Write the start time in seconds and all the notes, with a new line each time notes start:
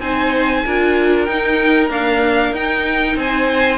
0.00 C4 D#4 C5 G#5
0.65 D4 F4 A#4
1.24 D#4 G5
1.89 A#3 D4 F5
2.52 D#4 G5
3.16 C4 C5 G#5